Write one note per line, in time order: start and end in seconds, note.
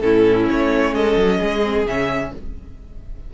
0.00 0.48 A2
0.00 1.62 C#4
0.00 0.94 E4
0.00 0.46 A4
0.51 0.93 A3
0.51 0.94 C#5
0.93 1.16 G#3
0.93 1.39 A4
0.93 1.87 D#5
1.16 1.39 F#3
1.39 1.86 G#3
1.39 2.31 G#4
1.63 1.86 C4
1.86 2.32 C#3
1.86 2.34 C#4
1.86 2.33 E5